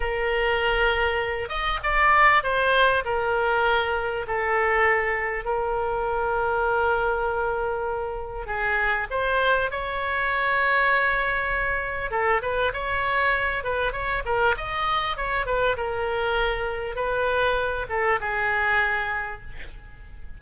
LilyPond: \new Staff \with { instrumentName = "oboe" } { \time 4/4 \tempo 4 = 99 ais'2~ ais'8 dis''8 d''4 | c''4 ais'2 a'4~ | a'4 ais'2.~ | ais'2 gis'4 c''4 |
cis''1 | a'8 b'8 cis''4. b'8 cis''8 ais'8 | dis''4 cis''8 b'8 ais'2 | b'4. a'8 gis'2 | }